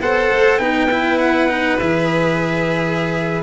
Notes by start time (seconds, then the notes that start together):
0.00 B3 A4 C5 F#5
0.31 A3
0.58 B3 D#4 B4 G5
0.91 E4
1.19 F#5
1.49 D#4
1.79 E3 G#4 E5